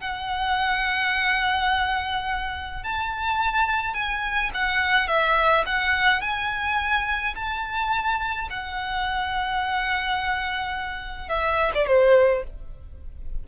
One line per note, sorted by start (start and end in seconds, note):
0.00 2.83 F#5
2.83 3.93 A5
3.93 4.50 G#5
4.53 5.07 F#5
5.07 5.64 E5
5.66 6.21 F#5
6.21 7.34 G#5
7.35 8.48 A5
8.50 11.28 F#5
11.28 11.71 E5
11.74 11.87 D5
11.87 12.43 C5